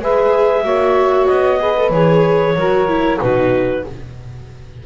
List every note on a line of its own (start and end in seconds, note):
0.00 0.63 G#3
0.00 0.64 G#4
0.00 0.63 B4
0.00 1.26 E5
0.63 1.27 A#3
0.63 1.59 F#4
0.63 1.59 C#5
1.26 1.90 B3
1.26 1.90 D#5
1.59 1.75 G#4
1.59 2.55 B4
1.76 1.92 A4
1.90 2.54 E3
1.90 2.55 G#4
1.90 3.18 C#5
2.55 3.18 F#3
2.55 2.87 F#4
2.55 3.20 A#4
2.87 3.19 E4
3.20 3.85 B2
3.20 3.85 D#4
3.20 3.84 F#4
3.20 3.85 B4